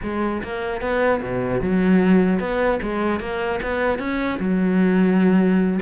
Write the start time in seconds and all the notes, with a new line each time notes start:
0.02 G#3
0.43 A#3
0.81 B3
1.22 B2
1.61 F#3
2.39 B3
2.82 G#3
3.20 A#3
3.62 B3
3.98 C#4
4.39 F#3